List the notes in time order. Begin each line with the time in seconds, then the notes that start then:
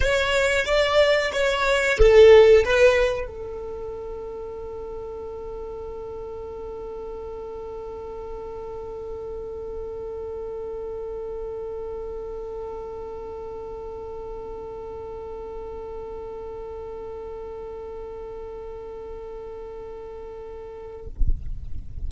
0.00 C#5
0.65 D5
1.32 C#5
1.98 A4
2.64 B4
3.27 A4